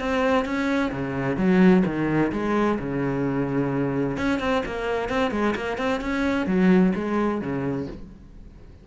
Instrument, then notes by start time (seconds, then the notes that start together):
cello
0.00 C4
0.45 C#4
0.92 C#3
1.37 F#3
1.86 D#3
2.32 G#3
2.79 C#3
4.18 C#4
4.40 C4
4.66 A#3
5.10 C4
5.32 G#3
5.56 A#3
5.78 C4
6.01 C#4
6.47 F#3
6.96 G#3
7.41 C#3